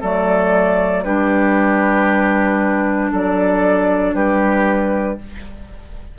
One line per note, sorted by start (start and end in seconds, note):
0.00 1.04 F#3
0.00 1.04 A3
0.00 1.03 A4
0.00 1.03 D5
1.03 3.11 G3
1.03 5.18 D4
1.03 3.11 G4
1.03 3.10 B4
3.11 4.13 F#3
3.11 4.14 A4
3.11 4.14 D5
4.13 5.17 G3
4.13 5.18 G4
4.13 5.18 B4